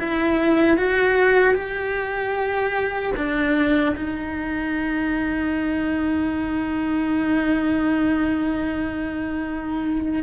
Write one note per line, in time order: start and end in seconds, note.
0.00 0.78 E4
0.78 1.55 F#4
1.55 3.13 G4
3.17 3.96 D4
3.97 10.23 D#4